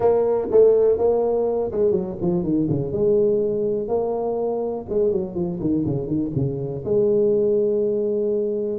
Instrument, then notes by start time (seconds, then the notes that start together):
tuba
0.00 A#3
0.51 A3
0.98 A#3
1.71 G#3
1.91 F#3
2.21 F3
2.43 D#3
2.69 C#3
2.92 G#3
3.88 A#3
4.89 G#3
5.11 F#3
5.34 F3
5.60 D#3
5.85 C#3
6.07 D#3
6.35 C#3
6.84 G#3